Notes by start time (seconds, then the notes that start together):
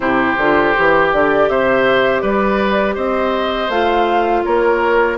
0.00 C3 E4 G4 C5
0.37 D3 F4
0.75 E3 G4
1.12 D3 D5
1.48 C3 C5 E5
2.20 G3 B4 D5
2.94 C4 C5 D#5
3.68 A3 F4 F5
4.44 A#3 A#4 C#5